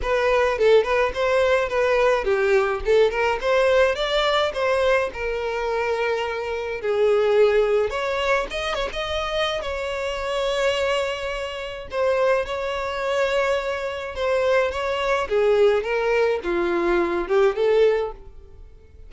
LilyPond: \new Staff \with { instrumentName = "violin" } { \time 4/4 \tempo 4 = 106 b'4 a'8 b'8 c''4 b'4 | g'4 a'8 ais'8 c''4 d''4 | c''4 ais'2. | gis'2 cis''4 dis''8 cis''16 dis''16~ |
dis''4 cis''2.~ | cis''4 c''4 cis''2~ | cis''4 c''4 cis''4 gis'4 | ais'4 f'4. g'8 a'4 | }